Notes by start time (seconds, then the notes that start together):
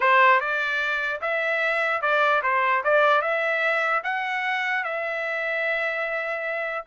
0.00 C5
0.40 D5
1.21 E5
2.01 D5
2.43 C5
2.84 D5
3.21 E5
4.03 F#5
4.84 E5